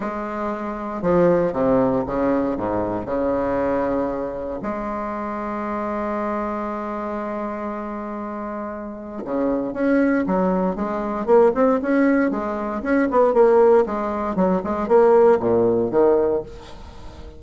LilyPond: \new Staff \with { instrumentName = "bassoon" } { \time 4/4 \tempo 4 = 117 gis2 f4 c4 | cis4 gis,4 cis2~ | cis4 gis2.~ | gis1~ |
gis2 cis4 cis'4 | fis4 gis4 ais8 c'8 cis'4 | gis4 cis'8 b8 ais4 gis4 | fis8 gis8 ais4 ais,4 dis4 | }